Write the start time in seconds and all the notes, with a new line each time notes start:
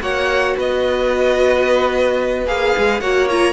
0.00 A#3 F#4 C#5 F#5
0.57 B3 B4 D#5
2.46 A#3 G#4 F5
2.77 G#3
3.00 A#3 F#4 C#5 F#5
3.30 F4 A#5